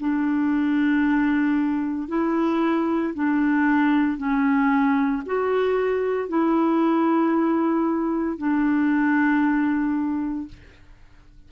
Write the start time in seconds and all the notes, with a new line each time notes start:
0.00 D4
2.09 E4
3.15 D4
4.18 C#4
5.26 F#4
6.29 E4
8.38 D4